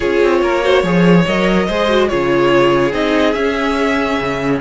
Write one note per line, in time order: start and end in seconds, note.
0.00 0.22 C#4
0.00 0.62 F4
0.00 0.39 G#4
0.00 1.25 C#5
0.22 0.41 C4
0.41 0.83 A#3
0.41 0.63 A#4
0.62 0.83 F#4
0.62 0.82 C5
0.82 1.25 F3
0.82 1.26 G#4
0.82 1.66 C#5
1.26 1.68 F#3
1.26 1.69 A#4
1.26 2.08 D#5
1.66 2.10 G#3
1.66 1.88 G#4
1.66 2.08 C5
1.88 2.09 F#4
2.08 2.93 C#3
2.08 2.92 F4
2.08 4.61 G#4
2.08 2.92 C#5
2.92 3.34 C4
2.92 3.34 D#4
2.92 3.33 D#5
3.33 4.18 C#4
3.33 4.61 C#4
3.33 4.59 E5
4.19 4.61 C#3